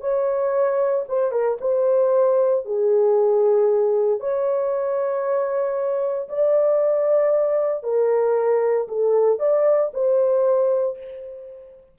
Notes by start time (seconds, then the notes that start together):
0.00 C#5
1.08 C5
1.31 A#4
1.60 C5
2.65 G#4
4.19 C#5
6.28 D5
7.83 A#4
8.88 A4
9.39 D5
9.93 C5